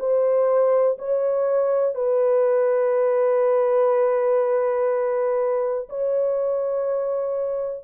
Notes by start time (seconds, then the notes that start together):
0.00 C5
0.99 C#5
1.95 B4
5.90 C#5